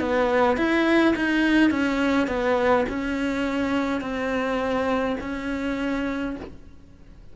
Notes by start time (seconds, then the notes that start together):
0.00 B3
0.57 E4
1.16 D#4
1.71 C#4
2.28 B3
2.90 C#4
4.01 C4
5.21 C#4